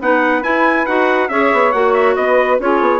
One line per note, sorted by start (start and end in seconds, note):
0.00 0.44 B3
0.00 0.42 D#4
0.00 1.30 B4
0.00 0.43 F#5
0.42 0.85 E4
0.42 0.87 E4
0.42 0.86 G#5
0.86 1.29 D#4
0.86 1.29 F#4
0.86 1.29 F#5
1.29 1.51 C#4
1.29 1.73 G#4
1.29 2.16 C#5
1.29 1.72 E5
1.53 1.74 B3
1.72 2.16 A#3
1.72 2.60 F#4
1.72 1.93 F#5
1.94 2.15 E5
2.16 2.59 B3
2.16 2.61 B4
2.16 2.59 D#5
2.60 2.81 C#4
2.60 2.99 F4
2.60 2.99 G#4
2.60 2.99 C#5
2.81 2.99 B3